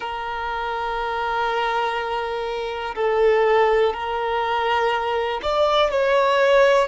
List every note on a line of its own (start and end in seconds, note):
0.00 2.95 A#4
2.95 3.93 A4
3.93 5.41 A#4
5.42 5.91 D5
5.91 6.88 C#5